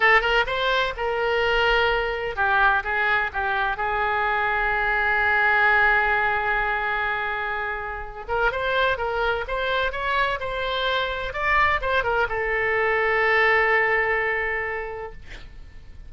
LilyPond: \new Staff \with { instrumentName = "oboe" } { \time 4/4 \tempo 4 = 127 a'8 ais'8 c''4 ais'2~ | ais'4 g'4 gis'4 g'4 | gis'1~ | gis'1~ |
gis'4. ais'8 c''4 ais'4 | c''4 cis''4 c''2 | d''4 c''8 ais'8 a'2~ | a'1 | }